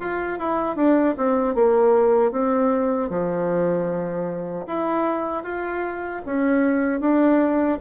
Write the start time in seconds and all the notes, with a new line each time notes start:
0.00 F4
0.39 E4
0.76 D4
1.17 C4
1.55 A#3
2.32 C4
3.10 F3
4.67 E4
5.44 F4
6.26 C#4
7.00 D4